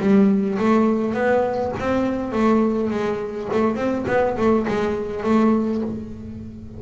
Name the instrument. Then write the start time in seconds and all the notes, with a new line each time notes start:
double bass
0.00 G3
0.59 A3
1.14 B3
1.80 C4
2.32 A3
2.91 G#3
3.53 A3
3.76 C4
4.08 B3
4.38 A3
4.68 G#3
5.24 A3